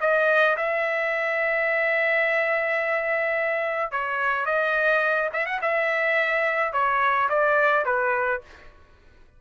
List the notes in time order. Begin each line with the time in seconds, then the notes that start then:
0.00 D#5
0.56 E5
3.91 C#5
4.45 D#5
5.33 E5
5.45 F#5
5.61 E5
6.72 C#5
7.29 D5
7.85 B4